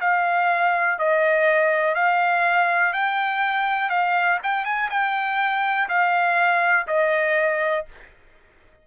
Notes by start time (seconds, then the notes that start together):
0.00 F5
0.98 D#5
1.94 F5
2.93 G5
3.89 F5
4.43 G5
4.64 G#5
4.90 G5
5.88 F5
6.87 D#5